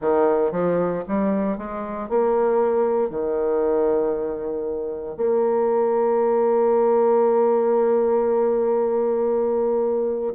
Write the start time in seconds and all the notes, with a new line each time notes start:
0.00 D#3
0.51 F3
1.08 G3
1.57 G#3
2.09 A#3
3.10 D#3
5.16 A#3